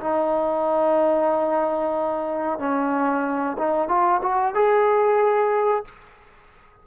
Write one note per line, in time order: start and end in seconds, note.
0.00 2.59 D#4
2.59 3.57 C#4
3.58 3.88 D#4
3.88 4.21 F4
4.22 4.55 F#4
4.55 5.85 G#4